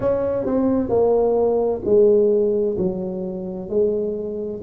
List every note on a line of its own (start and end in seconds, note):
0.00 0.45 C#4
0.45 0.89 C4
0.89 1.81 A#3
1.85 2.77 G#3
2.77 3.69 F#3
3.69 4.61 G#3